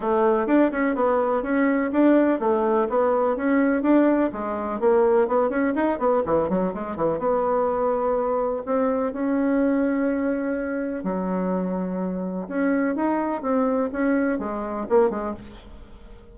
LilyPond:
\new Staff \with { instrumentName = "bassoon" } { \time 4/4 \tempo 4 = 125 a4 d'8 cis'8 b4 cis'4 | d'4 a4 b4 cis'4 | d'4 gis4 ais4 b8 cis'8 | dis'8 b8 e8 fis8 gis8 e8 b4~ |
b2 c'4 cis'4~ | cis'2. fis4~ | fis2 cis'4 dis'4 | c'4 cis'4 gis4 ais8 gis8 | }